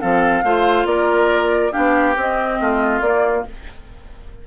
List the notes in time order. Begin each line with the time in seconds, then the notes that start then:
0.00 F3 C4 A4 F5
0.43 A3 F4 C5
0.85 A#3 A#4 D5
1.71 B3 D4 G4 F5
2.16 C4 D#5
2.60 A3 F4
3.00 A#3 D5